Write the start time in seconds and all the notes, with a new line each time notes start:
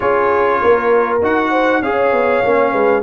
0.00 C#4 F4 G#4 C#5
0.60 A#3 A#4
1.22 D#4 F#4 F#5
1.50 C5
1.82 C#4 G#4 C#5 F5
2.12 B3
2.44 A#3 C#4
2.71 G#3 B4